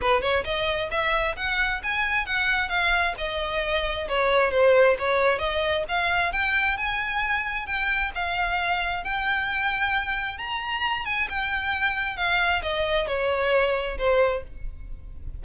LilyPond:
\new Staff \with { instrumentName = "violin" } { \time 4/4 \tempo 4 = 133 b'8 cis''8 dis''4 e''4 fis''4 | gis''4 fis''4 f''4 dis''4~ | dis''4 cis''4 c''4 cis''4 | dis''4 f''4 g''4 gis''4~ |
gis''4 g''4 f''2 | g''2. ais''4~ | ais''8 gis''8 g''2 f''4 | dis''4 cis''2 c''4 | }